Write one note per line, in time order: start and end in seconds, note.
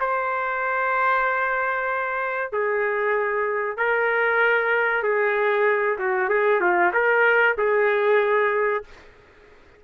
0.00 2.52 C5
2.52 3.77 G#4
3.77 5.03 A#4
5.03 5.97 G#4
5.98 6.29 F#4
6.29 6.61 G#4
6.61 6.92 F4
6.93 7.56 A#4
7.58 8.84 G#4